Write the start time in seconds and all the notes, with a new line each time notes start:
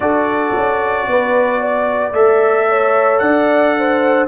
0.00 D4 F#4 A4 D5
0.55 C#4
1.07 B3 B4
1.60 D5
2.12 A3 A4 E5
2.68 C#5
3.19 D4 D5 F#5
3.78 C5